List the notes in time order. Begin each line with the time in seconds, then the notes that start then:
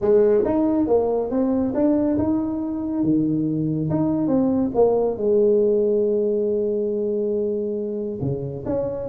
0.01 G#3
0.44 D#4
0.87 A#3
1.30 C4
1.74 D4
2.18 D#4
3.03 D#3
3.89 D#4
4.27 C4
4.74 A#3
5.17 G#3
8.21 C#3
8.65 C#4